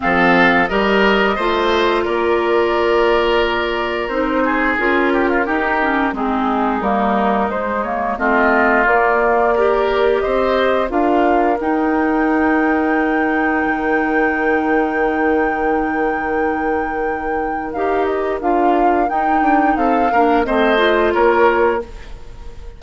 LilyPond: <<
  \new Staff \with { instrumentName = "flute" } { \time 4/4 \tempo 4 = 88 f''4 dis''2 d''4~ | d''2 c''4 ais'4~ | ais'4 gis'4 ais'4 c''8 cis''8 | dis''4 d''2 dis''4 |
f''4 g''2.~ | g''1~ | g''2 f''8 dis''8 f''4 | g''4 f''4 dis''4 cis''4 | }
  \new Staff \with { instrumentName = "oboe" } { \time 4/4 a'4 ais'4 c''4 ais'4~ | ais'2~ ais'8 gis'4 g'16 f'16 | g'4 dis'2. | f'2 ais'4 c''4 |
ais'1~ | ais'1~ | ais'1~ | ais'4 a'8 ais'8 c''4 ais'4 | }
  \new Staff \with { instrumentName = "clarinet" } { \time 4/4 c'4 g'4 f'2~ | f'2 dis'4 f'4 | dis'8 cis'8 c'4 ais4 gis8 ais8 | c'4 ais4 g'2 |
f'4 dis'2.~ | dis'1~ | dis'2 g'4 f'4 | dis'4. d'8 c'8 f'4. | }
  \new Staff \with { instrumentName = "bassoon" } { \time 4/4 f4 g4 a4 ais4~ | ais2 c'4 cis'4 | dis'4 gis4 g4 gis4 | a4 ais2 c'4 |
d'4 dis'2. | dis1~ | dis2 dis'4 d'4 | dis'8 d'8 c'8 ais8 a4 ais4 | }
>>